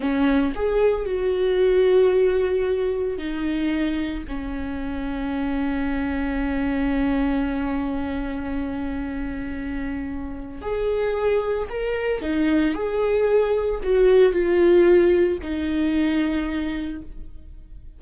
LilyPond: \new Staff \with { instrumentName = "viola" } { \time 4/4 \tempo 4 = 113 cis'4 gis'4 fis'2~ | fis'2 dis'2 | cis'1~ | cis'1~ |
cis'1 | gis'2 ais'4 dis'4 | gis'2 fis'4 f'4~ | f'4 dis'2. | }